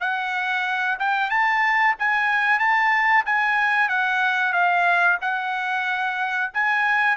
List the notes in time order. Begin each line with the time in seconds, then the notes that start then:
0.00 F#5
0.99 G5
1.30 A5
1.98 G#5
2.59 A5
3.25 G#5
3.89 F#5
4.53 F5
5.21 F#5
6.53 G#5